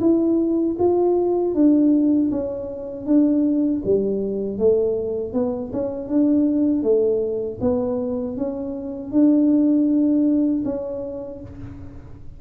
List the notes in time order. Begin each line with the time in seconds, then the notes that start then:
0.00 E4
0.79 F4
1.54 D4
2.31 C#4
3.06 D4
3.85 G3
4.58 A3
5.33 B3
5.73 C#4
6.08 D4
6.83 A3
7.61 B3
8.37 C#4
9.11 D4
10.65 C#4